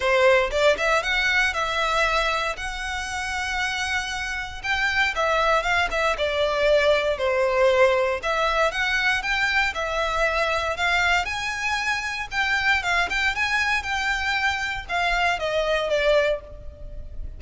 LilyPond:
\new Staff \with { instrumentName = "violin" } { \time 4/4 \tempo 4 = 117 c''4 d''8 e''8 fis''4 e''4~ | e''4 fis''2.~ | fis''4 g''4 e''4 f''8 e''8 | d''2 c''2 |
e''4 fis''4 g''4 e''4~ | e''4 f''4 gis''2 | g''4 f''8 g''8 gis''4 g''4~ | g''4 f''4 dis''4 d''4 | }